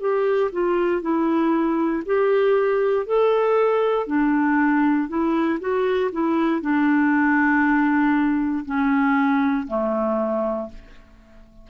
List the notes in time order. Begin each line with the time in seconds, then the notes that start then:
0.00 G4
0.52 F4
1.02 E4
2.06 G4
3.06 A4
4.07 D4
5.08 E4
5.60 F#4
6.12 E4
6.61 D4
8.65 C#4
9.67 A3